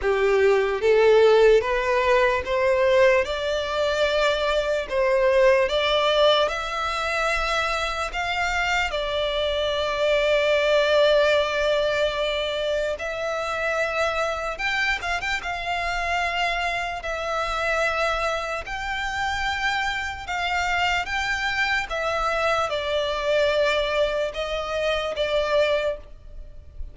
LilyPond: \new Staff \with { instrumentName = "violin" } { \time 4/4 \tempo 4 = 74 g'4 a'4 b'4 c''4 | d''2 c''4 d''4 | e''2 f''4 d''4~ | d''1 |
e''2 g''8 f''16 g''16 f''4~ | f''4 e''2 g''4~ | g''4 f''4 g''4 e''4 | d''2 dis''4 d''4 | }